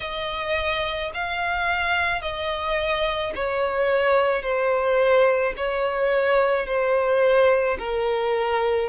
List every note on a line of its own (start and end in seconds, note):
0.00 1.11 D#5
1.14 2.21 F5
2.21 3.32 D#5
3.35 4.42 C#5
4.42 5.53 C5
5.57 6.66 C#5
6.66 7.77 C5
7.78 8.89 A#4